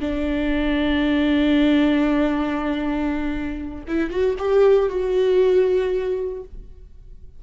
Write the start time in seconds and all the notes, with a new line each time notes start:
0.00 D4
3.88 E4
4.10 F#4
4.39 G4
4.89 F#4